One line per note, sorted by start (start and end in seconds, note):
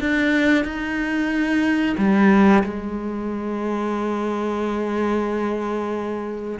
0.00 0.64 D4
0.64 1.96 D#4
1.98 2.63 G3
2.64 6.59 G#3